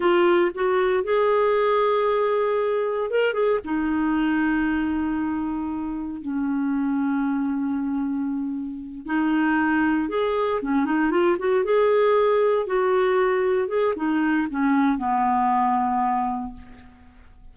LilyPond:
\new Staff \with { instrumentName = "clarinet" } { \time 4/4 \tempo 4 = 116 f'4 fis'4 gis'2~ | gis'2 ais'8 gis'8 dis'4~ | dis'1 | cis'1~ |
cis'4. dis'2 gis'8~ | gis'8 cis'8 dis'8 f'8 fis'8 gis'4.~ | gis'8 fis'2 gis'8 dis'4 | cis'4 b2. | }